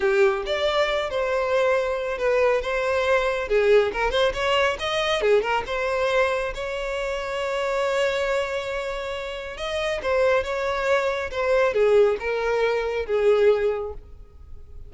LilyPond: \new Staff \with { instrumentName = "violin" } { \time 4/4 \tempo 4 = 138 g'4 d''4. c''4.~ | c''4 b'4 c''2 | gis'4 ais'8 c''8 cis''4 dis''4 | gis'8 ais'8 c''2 cis''4~ |
cis''1~ | cis''2 dis''4 c''4 | cis''2 c''4 gis'4 | ais'2 gis'2 | }